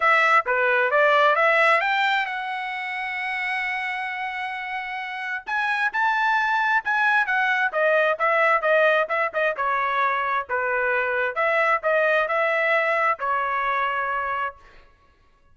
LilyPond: \new Staff \with { instrumentName = "trumpet" } { \time 4/4 \tempo 4 = 132 e''4 b'4 d''4 e''4 | g''4 fis''2.~ | fis''1 | gis''4 a''2 gis''4 |
fis''4 dis''4 e''4 dis''4 | e''8 dis''8 cis''2 b'4~ | b'4 e''4 dis''4 e''4~ | e''4 cis''2. | }